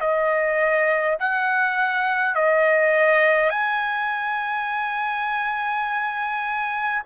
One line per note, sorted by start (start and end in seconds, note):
0.00 1.18 D#5
1.19 2.35 F#5
2.35 3.50 D#5
3.50 7.02 G#5